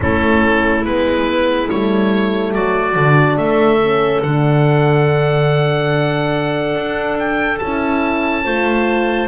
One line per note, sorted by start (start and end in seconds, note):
0.00 0.84 A3
0.00 0.84 C#4
0.00 2.53 E4
0.00 0.85 A4
0.84 1.69 G#3
0.84 1.69 B3
0.84 1.69 B4
1.69 2.55 G3
1.69 2.94 A3
1.69 2.53 C#5
2.53 2.95 F#3
2.53 3.38 F#4
2.53 3.37 D5
2.94 3.36 D3
2.94 3.79 D4
3.36 4.21 A3
3.36 8.44 A4
3.36 4.21 E5
3.82 4.24 C#4
4.22 6.75 D3
4.22 7.62 D4
4.22 7.18 F#5
6.75 7.59 D4
7.18 7.58 G5
7.58 8.45 C#4
7.58 8.44 E4
7.58 9.27 A5
8.44 9.28 A3
8.44 9.28 F4
8.44 9.28 C5